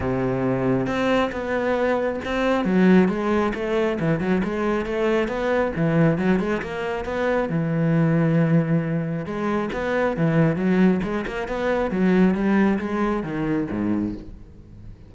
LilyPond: \new Staff \with { instrumentName = "cello" } { \time 4/4 \tempo 4 = 136 c2 c'4 b4~ | b4 c'4 fis4 gis4 | a4 e8 fis8 gis4 a4 | b4 e4 fis8 gis8 ais4 |
b4 e2.~ | e4 gis4 b4 e4 | fis4 gis8 ais8 b4 fis4 | g4 gis4 dis4 gis,4 | }